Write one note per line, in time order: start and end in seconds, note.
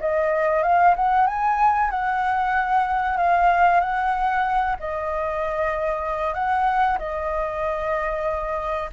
0.00 0.63 D#5
0.63 0.95 F5
0.96 1.27 F#5
1.27 1.90 G#5
1.90 3.17 F#5
3.17 3.80 F5
3.80 4.76 F#5
4.80 6.34 D#5
6.34 6.98 F#5
6.98 8.90 D#5